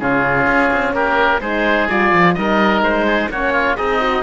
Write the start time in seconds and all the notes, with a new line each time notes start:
0.00 C#3 C#4 F4 G#4
0.47 C#4
0.73 C4
0.93 A#3 G4 A#4
1.41 G#3 D#4 G#4 C5
1.90 G3 F4 D5
2.13 F3
2.34 G3 D#4 A#4 D#5
2.81 G#3 C5
3.06 G#4
3.30 A#3 C#4 F#4 C#5
3.53 F4
3.76 C4 D#4 G#4 D#5
4.01 F#4